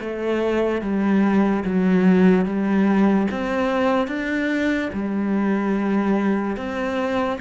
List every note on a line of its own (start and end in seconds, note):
0.00 0.81 A3
0.81 1.63 G3
1.65 2.45 F#3
2.45 3.27 G3
3.31 4.07 C4
4.07 4.89 D4
4.93 6.56 G3
6.56 7.39 C4